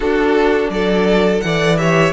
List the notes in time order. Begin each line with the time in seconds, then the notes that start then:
0.00 D4 F#4 A4
0.69 F#3 A4 D5
1.40 E3 A4 D5 F#5
1.77 G4 C#5 E5